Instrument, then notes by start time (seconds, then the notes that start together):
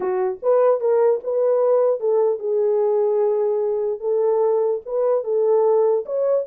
horn
0.00 F#4
0.42 B4
0.80 A#4
1.23 B4
2.00 A4
2.39 G#4
4.00 A4
4.85 B4
5.23 A4
6.05 C#5